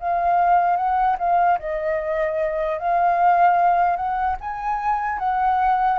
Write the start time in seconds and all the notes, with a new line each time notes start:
0.00 F5
0.76 F#5
1.19 F5
1.59 D#5
2.79 F5
3.97 F#5
4.41 G#5
5.19 F#5